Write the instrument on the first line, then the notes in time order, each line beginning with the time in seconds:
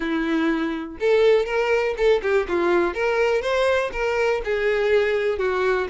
violin
0.00 E4
1.00 A4
1.45 A#4
1.97 A4
2.22 G4
2.48 F4
2.94 A#4
3.41 C5
3.92 A#4
4.44 G#4
5.38 F#4